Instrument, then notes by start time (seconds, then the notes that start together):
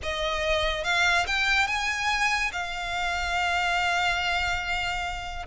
violin
0.02 D#5
0.84 F5
1.26 G5
1.67 G#5
2.52 F5